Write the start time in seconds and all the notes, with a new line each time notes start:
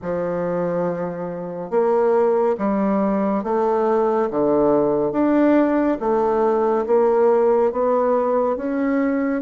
0.02 F3
1.70 A#3
2.58 G3
3.43 A3
4.30 D3
5.12 D4
6.00 A3
6.86 A#3
7.71 B3
8.56 C#4